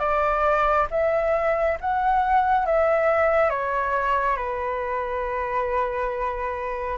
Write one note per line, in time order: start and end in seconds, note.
0.00 0.87 D5
0.91 1.78 E5
1.81 2.66 F#5
2.66 3.50 E5
3.50 4.37 C#5
4.37 6.98 B4